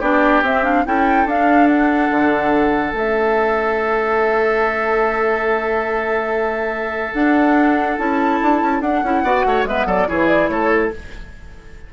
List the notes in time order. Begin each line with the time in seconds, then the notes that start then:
0.00 B3 D4 G4 D5
0.43 C4 E5
0.64 D4 F5
0.86 C#4 E4 A4 G5
1.26 D4 F5
1.68 F#5
2.11 D3
2.93 A3 C#4 E5
7.14 D4 F#5
7.98 C#4 E4 A5
8.42 D4
8.62 C#4
8.81 D4 F#5
9.03 C#4 E4
9.23 B3 F#4 D5
9.46 A3 C#5
9.64 G#3 B3 B4 E5
9.86 F#3 A4 D5
10.08 E3 E4 G#4 C#5
10.27 D5
10.49 A3 A4 C#5